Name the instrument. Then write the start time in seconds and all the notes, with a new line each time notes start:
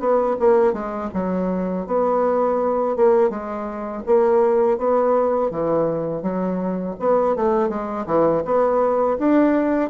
bassoon
0.00 B3
0.40 A#3
0.74 G#3
1.14 F#3
1.87 B3
2.97 A#3
3.30 G#3
4.07 A#3
4.78 B3
5.51 E3
6.23 F#3
7.00 B3
7.36 A3
7.69 G#3
8.07 E3
8.45 B3
9.19 D4